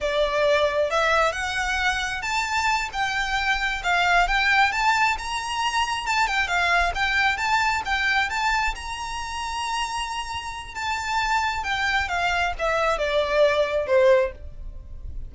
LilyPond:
\new Staff \with { instrumentName = "violin" } { \time 4/4 \tempo 4 = 134 d''2 e''4 fis''4~ | fis''4 a''4. g''4.~ | g''8 f''4 g''4 a''4 ais''8~ | ais''4. a''8 g''8 f''4 g''8~ |
g''8 a''4 g''4 a''4 ais''8~ | ais''1 | a''2 g''4 f''4 | e''4 d''2 c''4 | }